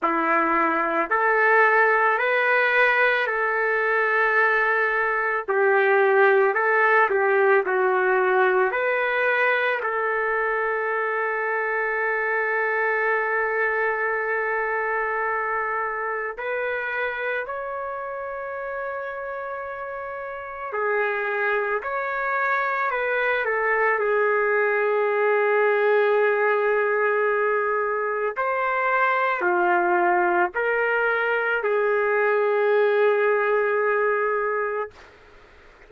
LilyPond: \new Staff \with { instrumentName = "trumpet" } { \time 4/4 \tempo 4 = 55 e'4 a'4 b'4 a'4~ | a'4 g'4 a'8 g'8 fis'4 | b'4 a'2.~ | a'2. b'4 |
cis''2. gis'4 | cis''4 b'8 a'8 gis'2~ | gis'2 c''4 f'4 | ais'4 gis'2. | }